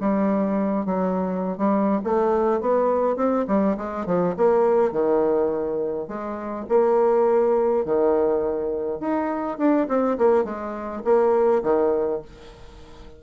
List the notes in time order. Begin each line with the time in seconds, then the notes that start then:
0.00 G3
0.85 F#3
1.58 G3
2.04 A3
2.61 B3
3.16 C4
3.48 G3
3.77 G#3
4.06 F3
4.37 A#3
4.92 D#3
6.08 G#3
6.69 A#3
7.85 D#3
9.00 D#4
9.58 D4
9.88 C4
10.18 A#3
10.44 G#3
11.04 A#3
11.63 D#3